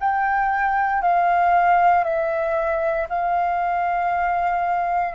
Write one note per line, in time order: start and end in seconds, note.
0.00 1.02 G5
1.02 2.04 F5
2.04 3.08 E5
3.09 5.14 F5